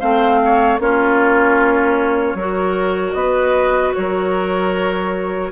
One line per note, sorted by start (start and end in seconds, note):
0.00 0.79 A3
0.00 0.80 C4
0.00 0.40 C5
0.00 0.79 F5
0.45 0.81 C#5
0.79 2.34 A#3
0.79 2.38 C#4
0.79 2.37 F4
0.79 3.13 C#5
2.34 3.13 F#3
2.34 5.52 F#4
2.34 3.16 A#4
3.13 3.93 B3
3.13 3.95 B4
3.13 3.92 D#5
3.94 5.52 F#3
3.94 5.52 A#4
3.94 5.52 C#5